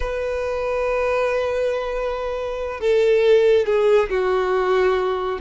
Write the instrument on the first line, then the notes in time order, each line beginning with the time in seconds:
violin
0.00 B4
2.80 A4
3.66 G#4
4.09 F#4